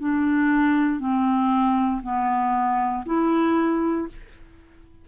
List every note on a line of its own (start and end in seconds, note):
0.00 0.99 D4
0.99 2.01 C4
2.02 3.04 B3
3.06 4.08 E4